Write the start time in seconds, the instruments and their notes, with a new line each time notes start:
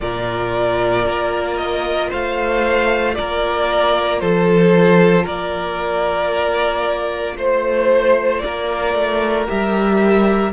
0.00 cello A#2, viola F4, violin A#4 D5
1.05 cello A#3
1.57 violin D#5
2.09 cello A3, violin C5 F5
3.14 cello A#3, violin A#4 D5
4.19 cello F3, violin A4 C5
5.23 cello A#3, violin A#4 D5
7.36 cello A3, violin C5
8.38 cello A#3, violin A#4 D5
8.94 cello A3
9.46 cello G3, viola G4, violin E5